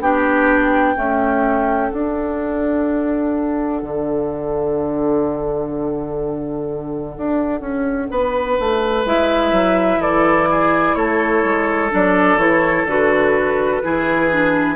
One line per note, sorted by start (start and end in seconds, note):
0.00 0.95 B3
0.00 0.96 D4
0.00 0.97 G4
0.00 1.92 G5
0.96 1.89 A3
0.96 1.92 C#4
0.96 8.11 A4
1.89 9.04 D4
1.89 3.83 D4
1.89 9.07 F#5
3.83 7.16 D3
7.17 7.61 D4
7.61 8.08 C#4
8.11 8.58 B3
8.11 10.01 B4
8.60 9.05 A3
9.05 9.52 G#3
9.05 11.91 E4
9.05 10.02 E5
9.52 9.98 F#3
9.98 10.94 E3
9.98 10.48 A4
9.98 10.95 D5
10.51 10.97 G#4
10.95 11.43 A3
10.95 13.83 A4
10.95 11.90 C#5
11.44 11.91 G#3
11.91 12.36 F#3
11.91 12.38 D4
11.91 12.38 D5
12.36 12.84 E3
12.36 12.87 E4
12.36 12.86 C#5
12.85 13.80 D3
12.85 13.83 F#4
12.85 14.76 B4
13.83 14.76 E3
13.83 14.31 E4
13.83 14.76 G#4
14.32 14.76 D4